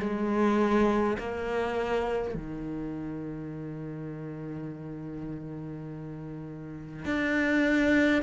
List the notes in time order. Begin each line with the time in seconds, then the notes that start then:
0.00 G#3
1.19 A#3
2.35 D#3
7.06 D4